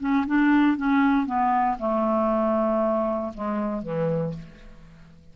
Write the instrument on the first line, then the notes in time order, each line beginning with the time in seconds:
clarinet
0.00 C#4
0.27 D4
0.77 C#4
1.26 B3
1.79 A3
3.34 G#3
3.82 E3